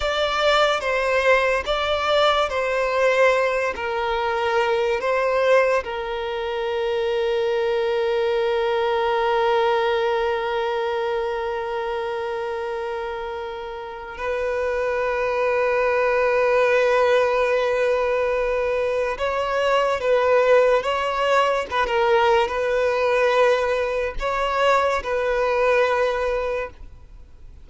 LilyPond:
\new Staff \with { instrumentName = "violin" } { \time 4/4 \tempo 4 = 72 d''4 c''4 d''4 c''4~ | c''8 ais'4. c''4 ais'4~ | ais'1~ | ais'1~ |
ais'4 b'2.~ | b'2. cis''4 | b'4 cis''4 b'16 ais'8. b'4~ | b'4 cis''4 b'2 | }